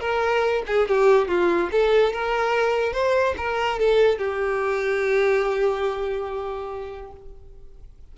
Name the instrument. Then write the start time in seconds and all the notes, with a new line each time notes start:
violin
0.00 A#4
0.67 G#4
0.88 G4
1.28 F4
1.72 A4
2.13 A#4
2.93 C5
3.37 A#4
3.79 A4
4.18 G4